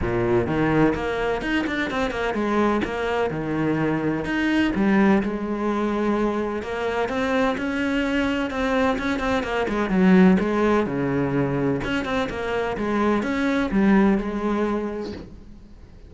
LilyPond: \new Staff \with { instrumentName = "cello" } { \time 4/4 \tempo 4 = 127 ais,4 dis4 ais4 dis'8 d'8 | c'8 ais8 gis4 ais4 dis4~ | dis4 dis'4 g4 gis4~ | gis2 ais4 c'4 |
cis'2 c'4 cis'8 c'8 | ais8 gis8 fis4 gis4 cis4~ | cis4 cis'8 c'8 ais4 gis4 | cis'4 g4 gis2 | }